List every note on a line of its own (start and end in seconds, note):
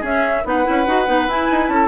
0.00 0.43 C#4
0.00 0.44 C#4
0.00 0.42 G#4
0.00 0.46 E5
0.44 0.65 B3
0.44 0.64 D#4
0.44 1.73 B4
0.44 1.30 F#5
0.64 0.86 C#4
0.64 0.84 E4
0.86 1.07 D#4
0.86 1.06 F#4
1.06 1.27 B3
1.06 1.26 D#4
1.27 1.48 E4
1.27 1.87 E4
1.27 1.67 G#5
1.51 1.68 D#4
1.67 1.87 C#4
1.67 1.87 A4
1.67 1.87 A5